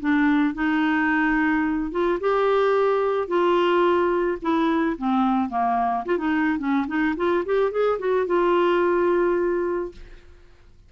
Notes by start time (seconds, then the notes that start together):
0.00 D4
0.54 D#4
1.91 F4
2.20 G4
3.28 F4
4.41 E4
4.98 C4
5.49 A#3
6.05 F4
6.18 D#4
6.58 C#4
6.87 D#4
7.16 F4
7.45 G4
7.71 G#4
7.99 F#4
8.26 F4